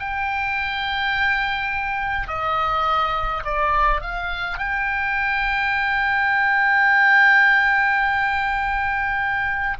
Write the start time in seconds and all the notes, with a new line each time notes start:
0.00 G5
2.28 D#5
3.45 D5
4.01 F5
4.58 G5